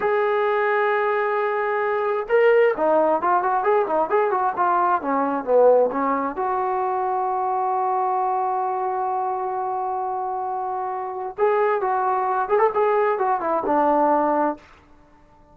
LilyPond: \new Staff \with { instrumentName = "trombone" } { \time 4/4 \tempo 4 = 132 gis'1~ | gis'4 ais'4 dis'4 f'8 fis'8 | gis'8 dis'8 gis'8 fis'8 f'4 cis'4 | b4 cis'4 fis'2~ |
fis'1~ | fis'1~ | fis'4 gis'4 fis'4. gis'16 a'16 | gis'4 fis'8 e'8 d'2 | }